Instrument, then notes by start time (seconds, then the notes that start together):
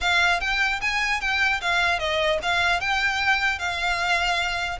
violin
0.00 F5
0.40 G5
0.81 G#5
1.20 G5
1.61 F5
1.99 D#5
2.42 F5
2.80 G5
3.59 F5